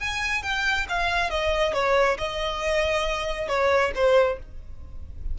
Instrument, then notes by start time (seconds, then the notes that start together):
violin
0.00 G#5
0.43 G5
0.89 F5
1.30 D#5
1.74 C#5
2.18 D#5
3.48 C#5
3.95 C5